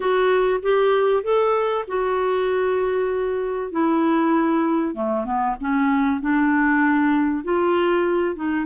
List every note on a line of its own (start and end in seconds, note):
0.00 0.60 F#4
0.62 1.23 G4
1.23 1.84 A4
1.87 3.71 F#4
3.71 4.94 E4
4.94 5.24 A3
5.24 5.55 B3
5.60 6.20 C#4
6.20 7.44 D4
7.44 8.35 F4
8.35 8.65 D#4